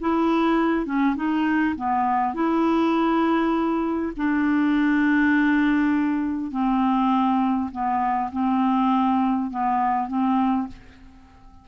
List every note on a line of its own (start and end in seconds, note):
0.00 0.86 E4
0.86 1.15 C#4
1.16 1.75 D#4
1.76 2.34 B3
2.34 4.12 E4
4.16 6.51 D4
6.51 7.70 C4
7.71 8.31 B3
8.31 9.50 C4
9.50 10.08 B3
10.08 10.67 C4